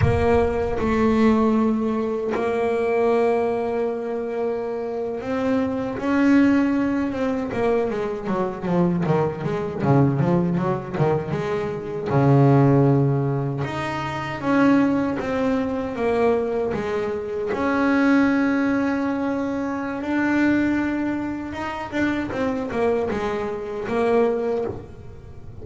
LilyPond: \new Staff \with { instrumentName = "double bass" } { \time 4/4 \tempo 4 = 78 ais4 a2 ais4~ | ais2~ ais8. c'4 cis'16~ | cis'4~ cis'16 c'8 ais8 gis8 fis8 f8 dis16~ | dis16 gis8 cis8 f8 fis8 dis8 gis4 cis16~ |
cis4.~ cis16 dis'4 cis'4 c'16~ | c'8. ais4 gis4 cis'4~ cis'16~ | cis'2 d'2 | dis'8 d'8 c'8 ais8 gis4 ais4 | }